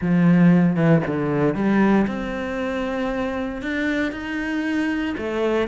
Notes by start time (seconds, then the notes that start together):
0.01 F3
0.76 E3
1.07 D3
1.54 G3
2.07 C4
3.62 D4
4.11 D#4
5.17 A3